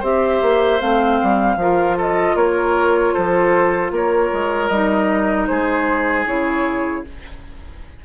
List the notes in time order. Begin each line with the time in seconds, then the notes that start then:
0.00 C4 G4 C5 E5
0.42 A#3
0.80 A3 C4 F5
1.23 G3
1.56 F3 F4 A#4
1.97 A4 D#5
2.36 A#3 A#4 C#5
3.14 F3 A4 C5
3.92 A#3 A#4 C#5
4.33 G#3
4.69 G3 D#4 D#5
5.47 G#3 G#4 C5
6.26 C#3 E4 C#5